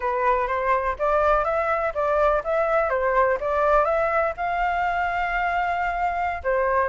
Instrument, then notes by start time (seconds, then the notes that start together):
flute
0.00 B4
0.47 C5
0.99 D5
1.44 E5
1.94 D5
2.43 E5
2.89 C5
3.40 D5
3.84 E5
4.37 F5
6.43 C5